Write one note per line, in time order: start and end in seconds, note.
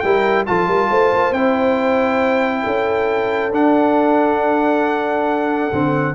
0.00 0.47 G3
0.00 0.47 E4
0.00 0.47 A#4
0.00 0.44 G5
0.47 0.68 F3
0.47 1.34 F4
0.47 0.67 A4
0.47 1.33 A5
0.67 0.90 G3
0.67 0.89 A#4
0.90 1.12 A3
0.90 2.63 C5
1.14 1.32 A#3
1.32 2.63 C4
1.32 3.52 E4
1.32 3.52 G5
2.63 3.52 C#4
2.63 6.13 A4
3.52 5.71 D4
3.52 6.15 F#5
5.72 6.15 D3
5.72 6.15 C4